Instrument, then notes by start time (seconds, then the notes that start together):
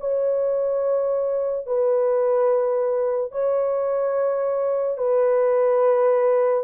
horn
0.00 C#5
1.66 B4
3.31 C#5
4.98 B4